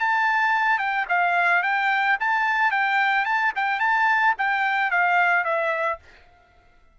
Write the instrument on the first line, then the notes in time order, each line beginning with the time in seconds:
trumpet
0.00 A5
0.79 G5
1.09 F5
1.63 G5
2.20 A5
2.71 G5
3.25 A5
3.56 G5
3.80 A5
4.38 G5
4.91 F5
5.44 E5